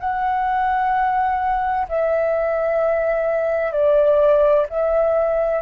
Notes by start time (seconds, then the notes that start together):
0.00 F#5
1.89 E5
3.72 D5
4.70 E5